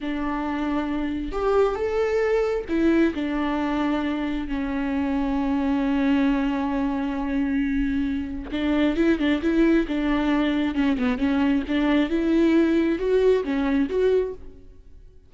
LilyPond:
\new Staff \with { instrumentName = "viola" } { \time 4/4 \tempo 4 = 134 d'2. g'4 | a'2 e'4 d'4~ | d'2 cis'2~ | cis'1~ |
cis'2. d'4 | e'8 d'8 e'4 d'2 | cis'8 b8 cis'4 d'4 e'4~ | e'4 fis'4 cis'4 fis'4 | }